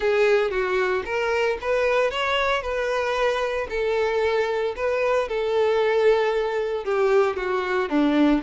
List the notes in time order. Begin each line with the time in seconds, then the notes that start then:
0.00 G#4
0.50 F#4
1.05 A#4
1.61 B4
2.11 C#5
2.62 B4
3.69 A4
4.76 B4
5.28 A4
6.84 G4
7.36 F#4
7.89 D4